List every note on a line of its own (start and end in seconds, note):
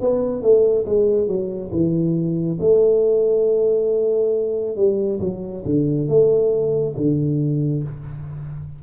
0.00 0.42 B3
0.42 0.85 A3
0.85 1.27 G#3
1.27 1.70 F#3
1.71 2.58 E3
2.60 4.75 A3
4.75 5.19 G3
5.20 5.63 F#3
5.65 6.08 D3
6.08 6.95 A3
6.96 7.83 D3